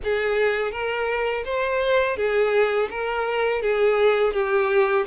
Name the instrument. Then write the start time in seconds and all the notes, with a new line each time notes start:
violin
0.03 G#4
0.71 A#4
1.45 C5
2.16 G#4
2.90 A#4
3.62 G#4
4.33 G4